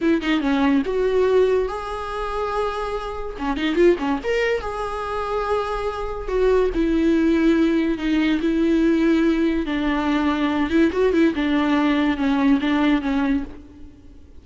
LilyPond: \new Staff \with { instrumentName = "viola" } { \time 4/4 \tempo 4 = 143 e'8 dis'8 cis'4 fis'2 | gis'1 | cis'8 dis'8 f'8 cis'8 ais'4 gis'4~ | gis'2. fis'4 |
e'2. dis'4 | e'2. d'4~ | d'4. e'8 fis'8 e'8 d'4~ | d'4 cis'4 d'4 cis'4 | }